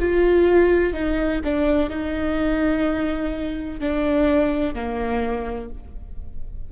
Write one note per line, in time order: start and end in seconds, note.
0.00 0.94 F4
0.94 1.41 D#4
1.45 1.90 D4
1.90 3.81 D#4
3.81 4.75 D4
4.75 5.70 A#3